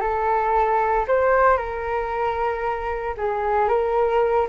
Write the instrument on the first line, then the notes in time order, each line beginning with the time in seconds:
flute
0.00 A4
1.07 C5
1.57 A#4
3.17 G#4
3.68 A#4